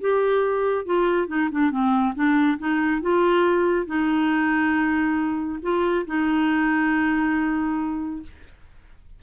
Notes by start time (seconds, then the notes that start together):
0.00 G4
0.85 F4
1.27 D#4
1.51 D4
1.70 C4
2.15 D4
2.58 D#4
3.01 F4
3.86 D#4
5.62 F4
6.06 D#4